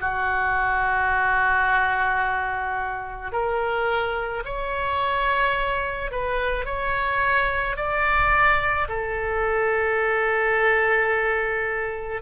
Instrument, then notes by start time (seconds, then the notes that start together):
oboe
0.00 F#4
3.32 A#4
4.44 C#5
6.11 B4
6.65 C#5
7.76 D5
8.88 A4